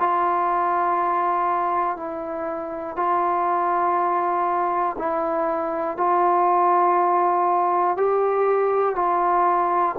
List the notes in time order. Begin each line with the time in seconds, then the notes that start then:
0.00 F4
1.97 E4
2.96 F4
4.98 E4
5.98 F4
7.98 G4
8.95 F4